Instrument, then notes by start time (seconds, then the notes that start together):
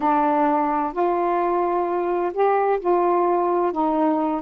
saxophone
0.00 D4
0.93 F4
2.33 G4
2.79 F4
3.72 D#4